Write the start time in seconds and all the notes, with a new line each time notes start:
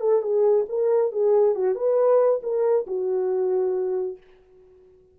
0.00 A4
0.22 G#4
0.69 A#4
1.12 G#4
1.55 F#4
1.75 B4
2.42 A#4
2.86 F#4